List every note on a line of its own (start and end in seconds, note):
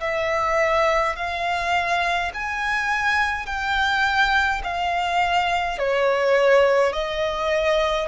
0.00 1.15 E5
1.16 2.31 F5
2.33 3.46 G#5
3.46 4.61 G5
4.63 5.78 F5
5.78 6.92 C#5
6.92 8.08 D#5